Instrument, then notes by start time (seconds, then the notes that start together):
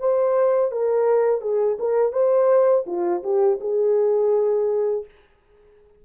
horn
0.00 C5
0.72 A#4
1.42 G#4
1.80 A#4
2.13 C5
2.87 F4
3.24 G4
3.61 G#4